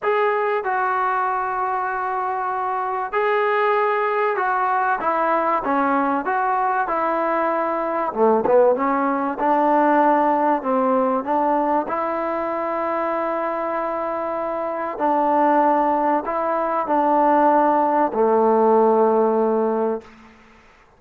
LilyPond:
\new Staff \with { instrumentName = "trombone" } { \time 4/4 \tempo 4 = 96 gis'4 fis'2.~ | fis'4 gis'2 fis'4 | e'4 cis'4 fis'4 e'4~ | e'4 a8 b8 cis'4 d'4~ |
d'4 c'4 d'4 e'4~ | e'1 | d'2 e'4 d'4~ | d'4 a2. | }